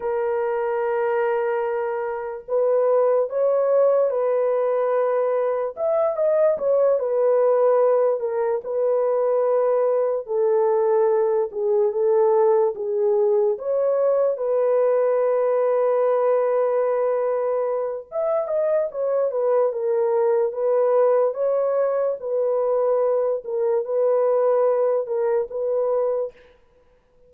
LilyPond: \new Staff \with { instrumentName = "horn" } { \time 4/4 \tempo 4 = 73 ais'2. b'4 | cis''4 b'2 e''8 dis''8 | cis''8 b'4. ais'8 b'4.~ | b'8 a'4. gis'8 a'4 gis'8~ |
gis'8 cis''4 b'2~ b'8~ | b'2 e''8 dis''8 cis''8 b'8 | ais'4 b'4 cis''4 b'4~ | b'8 ais'8 b'4. ais'8 b'4 | }